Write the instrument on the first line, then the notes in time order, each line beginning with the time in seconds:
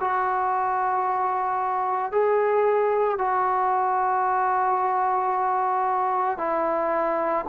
trombone
0.00 F#4
2.11 G#4
3.18 F#4
6.38 E4